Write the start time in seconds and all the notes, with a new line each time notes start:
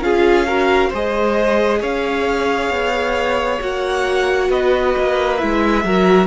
0.00 C#4 F4 G#4 F5
0.47 F#4 A#4
0.89 G#3 G#4 C5 D#5
1.80 C#4 C#5 F5
2.70 B3
3.59 A#3 F#4 F#5
4.49 B3 B4 D#5
4.97 A#3
5.37 G#3 E4 E5
5.84 F#3 F#4 A#4